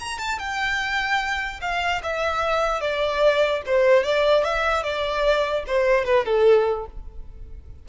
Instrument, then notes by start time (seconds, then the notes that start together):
violin
0.00 A#5
0.19 A5
0.39 G5
1.61 F5
2.03 E5
2.81 D5
3.66 C5
4.04 D5
4.44 E5
4.84 D5
5.67 C5
6.05 B4
6.25 A4